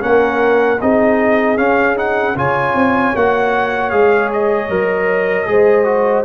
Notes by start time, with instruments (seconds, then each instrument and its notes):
0.00 tuba A#3, trombone C#4, horn A#4, trumpet F#5
0.81 tuba C4, trombone D#4, horn G#4, trumpet D#5
1.57 trombone C#4, tuba C#4, trumpet F5
1.96 trombone D#4, trumpet F#5
2.36 tuba C#3, trombone F4, horn C#5, trumpet G#5
2.74 tuba C4
3.15 tuba A#3, trombone F#4, trumpet F#5
3.90 tuba G#3, trombone G#4, trumpet F5
4.33 trumpet D#5
4.69 tuba F#3, trombone A#4
5.46 tuba G#3, trombone G#4, horn C5
5.85 trombone F#4